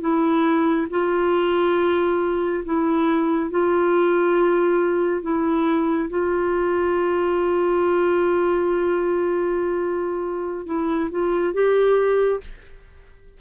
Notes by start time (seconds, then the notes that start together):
0.00 E4
0.90 F4
2.65 E4
3.50 F4
5.22 E4
6.09 F4
10.66 E4
11.11 F4
11.53 G4